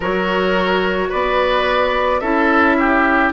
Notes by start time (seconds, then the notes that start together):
0.00 F#3 F#4 A#4 C#5
1.09 B3 B4 D5
2.20 C#4 E4 A4 E5
2.78 G4